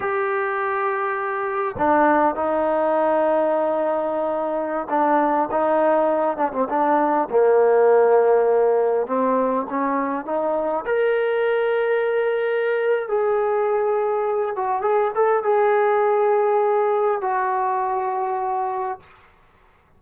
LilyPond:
\new Staff \with { instrumentName = "trombone" } { \time 4/4 \tempo 4 = 101 g'2. d'4 | dis'1~ | dis'16 d'4 dis'4. d'16 c'16 d'8.~ | d'16 ais2. c'8.~ |
c'16 cis'4 dis'4 ais'4.~ ais'16~ | ais'2 gis'2~ | gis'8 fis'8 gis'8 a'8 gis'2~ | gis'4 fis'2. | }